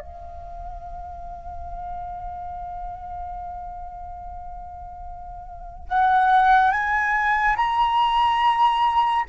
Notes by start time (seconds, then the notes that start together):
0.00 F5
5.88 F#5
6.71 G#5
7.56 A#5